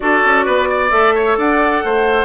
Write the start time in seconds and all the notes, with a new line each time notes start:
0.00 D4 F#4 A4 D5
0.24 C#4
0.45 B3 B4
0.70 D5
0.89 A3 A4 E5
1.15 C#5
1.37 D4 D5 F#5
1.84 A3 C5